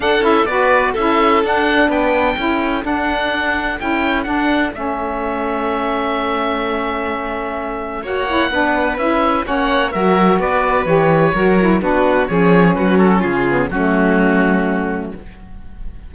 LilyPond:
<<
  \new Staff \with { instrumentName = "oboe" } { \time 4/4 \tempo 4 = 127 fis''8 e''8 d''4 e''4 fis''4 | g''2 fis''2 | g''4 fis''4 e''2~ | e''1~ |
e''4 fis''2 e''4 | fis''4 e''4 d''4 cis''4~ | cis''4 b'4 cis''4 b'8 a'8 | gis'4 fis'2. | }
  \new Staff \with { instrumentName = "violin" } { \time 4/4 a'4 b'4 a'2 | b'4 a'2.~ | a'1~ | a'1~ |
a'4 cis''4 b'2 | cis''4 ais'4 b'2 | ais'4 fis'4 gis'4 fis'4 | f'4 cis'2. | }
  \new Staff \with { instrumentName = "saxophone" } { \time 4/4 d'8 e'8 fis'4 e'4 d'4~ | d'4 e'4 d'2 | e'4 d'4 cis'2~ | cis'1~ |
cis'4 fis'8 e'8 d'4 e'4 | cis'4 fis'2 g'4 | fis'8 e'8 d'4 cis'2~ | cis'8 b8 a2. | }
  \new Staff \with { instrumentName = "cello" } { \time 4/4 d'8 cis'8 b4 cis'4 d'4 | b4 cis'4 d'2 | cis'4 d'4 a2~ | a1~ |
a4 ais4 b4 cis'4 | ais4 fis4 b4 e4 | fis4 b4 f4 fis4 | cis4 fis2. | }
>>